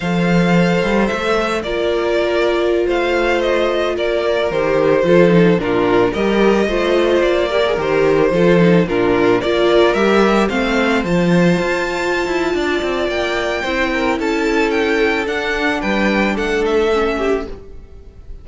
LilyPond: <<
  \new Staff \with { instrumentName = "violin" } { \time 4/4 \tempo 4 = 110 f''2 e''4 d''4~ | d''4~ d''16 f''4 dis''4 d''8.~ | d''16 c''2 ais'4 dis''8.~ | dis''4~ dis''16 d''4 c''4.~ c''16~ |
c''16 ais'4 d''4 e''4 f''8.~ | f''16 a''2.~ a''8. | g''2 a''4 g''4 | fis''4 g''4 fis''8 e''4. | }
  \new Staff \with { instrumentName = "violin" } { \time 4/4 c''2. ais'4~ | ais'4~ ais'16 c''2 ais'8.~ | ais'4~ ais'16 a'4 f'4 ais'8.~ | ais'16 c''4. ais'4. a'8.~ |
a'16 f'4 ais'2 c''8.~ | c''2. d''4~ | d''4 c''8 ais'8 a'2~ | a'4 b'4 a'4. g'8 | }
  \new Staff \with { instrumentName = "viola" } { \time 4/4 a'2. f'4~ | f'1~ | f'16 g'4 f'8 dis'8 d'4 g'8.~ | g'16 f'4. g'16 gis'16 g'4 f'8 dis'16~ |
dis'16 d'4 f'4 g'4 c'8.~ | c'16 f'2.~ f'8.~ | f'4 e'2. | d'2. cis'4 | }
  \new Staff \with { instrumentName = "cello" } { \time 4/4 f4. g8 a4 ais4~ | ais4~ ais16 a2 ais8.~ | ais16 dis4 f4 ais,4 g8.~ | g16 a4 ais4 dis4 f8.~ |
f16 ais,4 ais4 g4 a8.~ | a16 f4 f'4~ f'16 e'8 d'8 c'8 | ais4 c'4 cis'2 | d'4 g4 a2 | }
>>